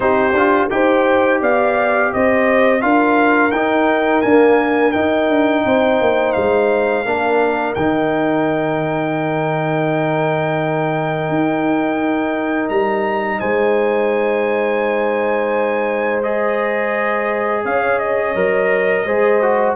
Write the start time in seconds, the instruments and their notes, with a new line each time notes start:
0.00 tuba C4, trombone D#4, horn G4, trumpet C5
0.32 tuba D4, trombone F4
0.69 tuba D#4, trombone G4, horn C5, trumpet G5
1.41 tuba B3, horn D5, trumpet F5
2.13 tuba C4, horn C5, trumpet D#5
2.80 tuba D4, trombone F4, horn A#4, trumpet F5
3.51 tuba D#4, trombone D#4, trumpet G5
4.21 trombone A#3, tuba D4, trumpet G#5
4.91 trombone D#4, tuba D#4, trumpet G5
5.29 tuba D4
5.65 tuba C4, horn C5
6.00 tuba A#3
6.32 tuba G#3, trumpet F5
7.05 tuba A#3, trombone D4, horn A#4
7.74 tuba D#3, trombone D#4, trumpet G5
11.29 tuba D#4
12.69 tuba G3, trumpet A#5
13.39 tuba G#3, horn C5, trumpet G#5
16.22 trombone G#4, trumpet D#5
17.64 tuba C#4, horn C#5, trumpet F5
17.98 trumpet D#5
18.34 tuba F#3, trombone A#4
19.05 tuba G#3, trombone G#4, horn C5
19.41 trombone F#4